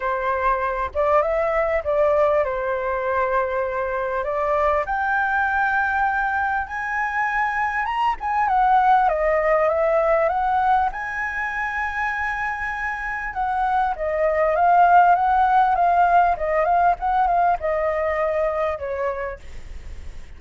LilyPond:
\new Staff \with { instrumentName = "flute" } { \time 4/4 \tempo 4 = 99 c''4. d''8 e''4 d''4 | c''2. d''4 | g''2. gis''4~ | gis''4 ais''8 gis''8 fis''4 dis''4 |
e''4 fis''4 gis''2~ | gis''2 fis''4 dis''4 | f''4 fis''4 f''4 dis''8 f''8 | fis''8 f''8 dis''2 cis''4 | }